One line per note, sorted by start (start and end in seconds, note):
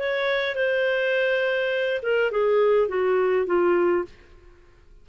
0.00 0.56 C#5
0.56 2.02 C5
2.03 2.32 A#4
2.32 2.89 G#4
2.89 3.47 F#4
3.47 4.05 F4